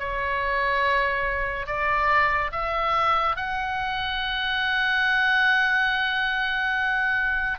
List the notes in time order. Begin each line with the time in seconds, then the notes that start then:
0.00 C#5
1.67 D5
2.52 E5
3.36 F#5